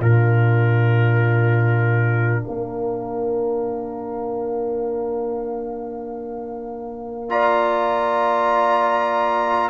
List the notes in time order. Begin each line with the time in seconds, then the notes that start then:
0.00 A#2 D4 F4 A#4
2.42 A#3 A#4 F5
7.29 F4 D5 A#5